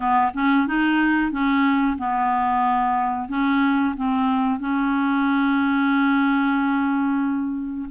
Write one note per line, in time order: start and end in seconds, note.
0.00 0.31 B3
0.34 0.67 C#4
0.67 1.31 D#4
1.31 1.97 C#4
1.98 3.28 B3
3.28 3.94 C#4
3.96 4.59 C4
4.59 7.89 C#4